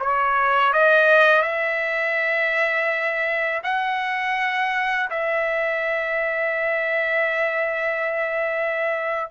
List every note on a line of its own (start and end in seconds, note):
0.00 0.73 C#5
0.73 1.43 D#5
1.43 3.62 E5
3.64 5.10 F#5
5.10 9.31 E5